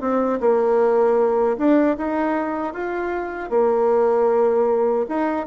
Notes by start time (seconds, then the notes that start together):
0.00 C4
0.40 A#3
1.57 D4
1.97 D#4
2.73 F4
3.50 A#3
5.08 D#4